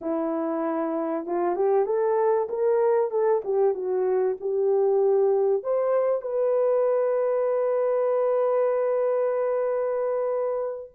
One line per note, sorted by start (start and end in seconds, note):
0.01 1.26 E4
1.26 1.55 F4
1.55 1.85 G4
1.85 2.47 A4
2.49 3.11 A#4
3.11 3.42 A4
3.44 3.74 G4
3.74 4.36 F#4
4.40 5.62 G4
5.62 6.21 C5
6.21 10.90 B4